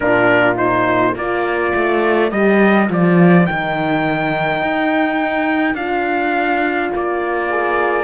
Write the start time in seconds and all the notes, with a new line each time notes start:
0.00 A#2 D4 F4 A#4
0.56 D#4 C5
1.15 A#3 F4 A#4 D5
1.74 A3
2.30 G3 G4 D#5
2.88 F3 F4 D5
3.45 D#3 D#4 G5
4.62 D#4
5.74 D4 F4 F5
6.94 A#3 D5
7.49 G#4